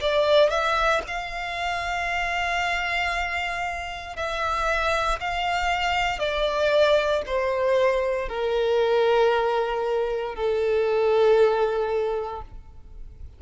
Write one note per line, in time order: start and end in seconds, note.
0.00 0.49 D5
0.49 1.01 E5
1.07 4.16 F5
4.16 5.19 E5
5.20 6.18 F5
6.18 7.22 D5
7.26 8.28 C5
8.28 10.34 A#4
10.34 12.41 A4